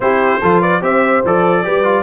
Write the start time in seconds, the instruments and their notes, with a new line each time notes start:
0.00 tuba C4, trombone E4, horn G4, trumpet C5
0.40 tuba F3, trombone F4, horn A4
0.60 horn B4, trumpet D5
0.81 tuba C4, trombone G4, horn C5, trumpet E5
1.24 tuba F3, trombone A4, trumpet D5
1.64 tuba G3, trombone G4, horn B4
1.84 trombone F4